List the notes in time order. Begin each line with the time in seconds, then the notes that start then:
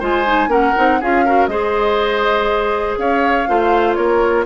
0.00 G#3 F4 C5 G#5
0.26 D#4
0.48 A#3 C#4 A#4 F#5
0.76 C4 D#4
1.01 C#4 F4 G#4 F5
1.25 F#4 A#4
1.47 G#3 G#4 C5 D#5
2.98 C#4 C#5 F5
3.48 A3 F4 C5
3.95 A#3 A#4 C#5